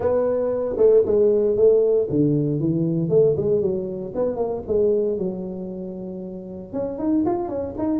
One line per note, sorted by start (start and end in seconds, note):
0.00 0.75 B3
0.77 1.03 A3
1.05 1.56 G#3
1.56 2.08 A3
2.10 2.60 D3
2.60 3.09 E3
3.09 3.35 A3
3.36 3.61 G#3
3.61 4.12 F#3
4.14 4.36 B3
4.36 4.62 A#3
4.67 5.18 G#3
5.18 6.72 F#3
6.72 6.98 C#4
6.98 7.24 D#4
7.25 7.48 F4
7.48 7.74 C#4
7.78 7.99 D#4